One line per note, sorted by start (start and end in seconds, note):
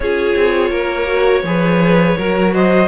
0.00 0.33 C#4
0.00 1.06 F4
0.00 0.70 G#4
0.00 2.53 C#5
0.35 0.70 C4
0.70 1.43 A#3
0.70 1.42 A#4
1.06 1.42 F#4
1.43 2.15 F3
1.43 2.17 G#4
1.43 2.17 B4
2.17 2.88 F#3
2.17 2.88 F#4
2.17 2.53 A#4
2.53 2.88 C5
2.53 2.88 D#5